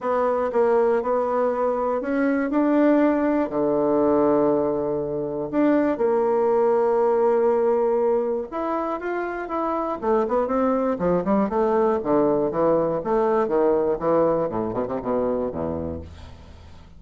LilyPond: \new Staff \with { instrumentName = "bassoon" } { \time 4/4 \tempo 4 = 120 b4 ais4 b2 | cis'4 d'2 d4~ | d2. d'4 | ais1~ |
ais4 e'4 f'4 e'4 | a8 b8 c'4 f8 g8 a4 | d4 e4 a4 dis4 | e4 a,8 b,16 c16 b,4 e,4 | }